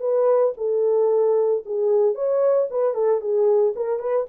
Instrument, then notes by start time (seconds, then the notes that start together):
horn
0.00 B4
0.57 A4
1.65 G#4
2.15 C#5
2.70 B4
2.94 A4
3.20 G#4
3.75 A#4
3.99 B4